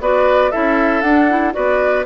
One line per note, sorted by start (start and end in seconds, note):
0.00 0.51 B3
0.00 0.51 F#4
0.00 0.51 B4
0.00 0.51 D5
0.51 1.02 C#4
0.51 1.03 E4
0.51 1.54 A4
0.51 1.01 E5
1.01 1.53 D4
1.01 1.29 D4
1.01 1.52 F#5
1.29 1.53 E4
1.53 2.05 B3
1.53 2.04 F#4
1.53 2.05 B4
1.53 2.04 D5